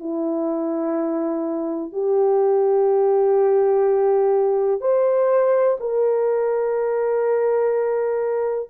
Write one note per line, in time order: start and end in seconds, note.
0.00 1.93 E4
1.93 4.81 G4
4.81 5.78 C5
5.81 8.70 A#4